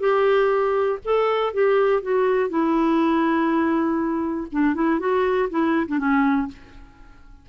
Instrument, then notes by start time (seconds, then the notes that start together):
clarinet
0.00 G4
1.05 A4
1.53 G4
2.02 F#4
2.50 E4
4.52 D4
4.75 E4
5.00 F#4
5.50 E4
5.88 D4
5.99 C#4